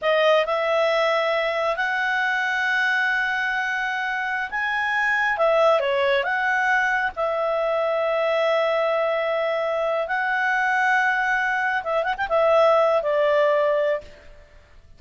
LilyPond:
\new Staff \with { instrumentName = "clarinet" } { \time 4/4 \tempo 4 = 137 dis''4 e''2. | fis''1~ | fis''2~ fis''16 gis''4.~ gis''16~ | gis''16 e''4 cis''4 fis''4.~ fis''16~ |
fis''16 e''2.~ e''8.~ | e''2. fis''4~ | fis''2. e''8 fis''16 g''16 | e''4.~ e''16 d''2~ d''16 | }